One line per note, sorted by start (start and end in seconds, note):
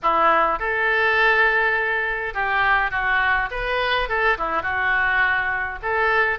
0.02 0.59 E4
0.59 2.34 A4
2.34 2.90 G4
2.90 3.49 F#4
3.50 4.08 B4
4.08 4.37 A4
4.38 4.62 E4
4.62 5.79 F#4
5.82 6.38 A4